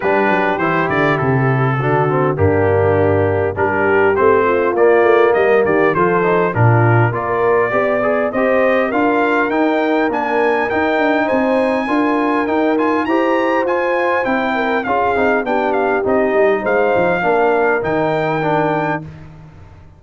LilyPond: <<
  \new Staff \with { instrumentName = "trumpet" } { \time 4/4 \tempo 4 = 101 b'4 c''8 d''8 a'2 | g'2 ais'4 c''4 | d''4 dis''8 d''8 c''4 ais'4 | d''2 dis''4 f''4 |
g''4 gis''4 g''4 gis''4~ | gis''4 g''8 gis''8 ais''4 gis''4 | g''4 f''4 g''8 f''8 dis''4 | f''2 g''2 | }
  \new Staff \with { instrumentName = "horn" } { \time 4/4 g'2. fis'4 | d'2 g'4. f'8~ | f'4 ais'8 g'8 a'4 f'4 | ais'4 d''4 c''4 ais'4~ |
ais'2. c''4 | ais'2 c''2~ | c''8 ais'8 gis'4 g'2 | c''4 ais'2. | }
  \new Staff \with { instrumentName = "trombone" } { \time 4/4 d'4 e'2 d'8 c'8 | ais2 d'4 c'4 | ais2 f'8 dis'8 d'4 | f'4 g'8 gis'8 g'4 f'4 |
dis'4 d'4 dis'2 | f'4 dis'8 f'8 g'4 f'4 | e'4 f'8 dis'8 d'4 dis'4~ | dis'4 d'4 dis'4 d'4 | }
  \new Staff \with { instrumentName = "tuba" } { \time 4/4 g8 fis8 e8 d8 c4 d4 | g,2 g4 a4 | ais8 a8 g8 dis8 f4 ais,4 | ais4 b4 c'4 d'4 |
dis'4 ais4 dis'8 d'8 c'4 | d'4 dis'4 e'4 f'4 | c'4 cis'8 c'8 b4 c'8 g8 | gis8 f8 ais4 dis2 | }
>>